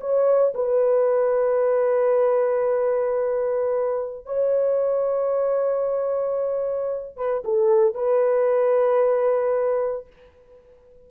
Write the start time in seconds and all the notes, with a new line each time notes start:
0.00 C#5
0.54 B4
4.26 C#5
7.16 B4
7.44 A4
7.94 B4